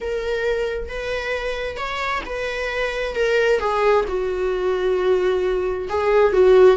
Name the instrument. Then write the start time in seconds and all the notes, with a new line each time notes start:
viola
0.00 A#4
0.89 B4
1.76 C#5
2.25 B4
3.15 A#4
3.59 G#4
4.08 F#4
5.89 G#4
6.33 F#4